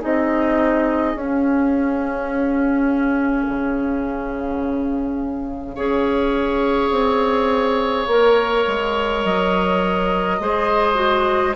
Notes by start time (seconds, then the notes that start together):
0.00 C4 D#4 G#4 D#5
1.15 C#4 F5
3.48 C#3
5.75 C#4 G#4 C#5
6.91 C4
8.07 A#3 A#4
8.67 G#3
9.24 F#3 D#5
10.40 G#3 G#4 C5
10.95 F#4